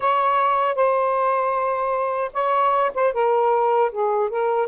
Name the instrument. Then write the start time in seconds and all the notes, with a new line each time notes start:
saxophone
0.00 C#5
0.75 C5
2.33 C#5
2.94 C5
3.13 A#4
3.91 G#4
4.29 A#4